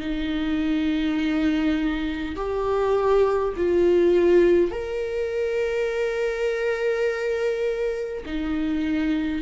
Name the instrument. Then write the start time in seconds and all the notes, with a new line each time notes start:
viola
0.00 D#4
2.36 G4
3.57 F4
4.71 A#4
8.26 D#4